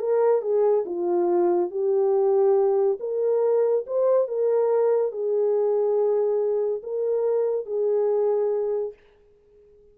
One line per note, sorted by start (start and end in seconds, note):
0.00 0.42 A#4
0.42 0.85 G#4
0.86 1.71 F4
1.71 2.99 G4
3.00 3.85 A#4
3.87 4.28 C5
4.28 5.12 A#4
5.12 6.82 G#4
6.83 7.66 A#4
7.66 8.94 G#4